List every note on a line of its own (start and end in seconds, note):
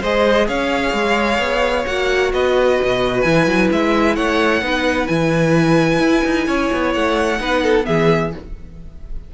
0.00 0.48 G#3
0.00 1.86 G#4
0.00 0.46 C5
0.00 0.48 D#5
0.48 0.93 C#4
0.48 2.32 C#5
0.48 1.86 F5
0.93 1.39 G#3
1.39 1.85 B3
1.86 2.33 A#3
1.86 3.25 F#4
1.86 2.32 F#5
2.33 2.79 B3
2.33 4.16 B4
2.33 3.21 D#5
2.82 3.24 B2
3.21 3.46 E3
3.21 4.62 E4
3.21 3.67 G#5
3.46 3.69 F#3
3.71 4.17 G#3
3.71 4.16 E5
4.16 4.61 A3
4.16 4.62 C#5
4.16 5.07 F#5
4.61 5.07 B3
4.61 5.07 D#4
4.61 6.47 B4
5.07 5.99 E3
5.07 7.38 E4
5.07 6.92 G#5
5.99 6.22 E4
6.25 6.47 D#4
6.47 6.70 C#4
6.47 7.40 C#5
6.73 6.95 B3
6.93 7.40 A3
6.93 7.85 F#5
7.38 7.86 B3
7.38 7.84 D#4
7.38 7.63 B4
7.63 7.86 A4
7.84 8.34 E3
7.84 8.30 B3
7.84 8.34 G#4
7.84 8.31 E5